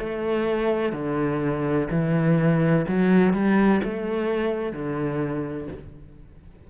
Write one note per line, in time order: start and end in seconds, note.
0.00 0.93 A3
0.93 1.88 D3
1.91 2.86 E3
2.88 3.34 F#3
3.34 3.81 G3
3.84 4.73 A3
4.73 5.68 D3